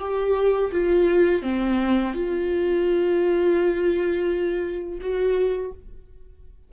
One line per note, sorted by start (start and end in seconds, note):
0.00 0.71 G4
0.72 1.43 F4
1.43 2.14 C4
2.14 5.00 F4
5.01 5.72 F#4